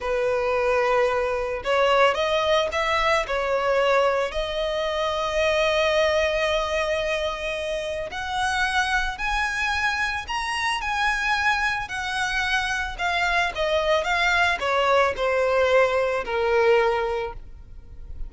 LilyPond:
\new Staff \with { instrumentName = "violin" } { \time 4/4 \tempo 4 = 111 b'2. cis''4 | dis''4 e''4 cis''2 | dis''1~ | dis''2. fis''4~ |
fis''4 gis''2 ais''4 | gis''2 fis''2 | f''4 dis''4 f''4 cis''4 | c''2 ais'2 | }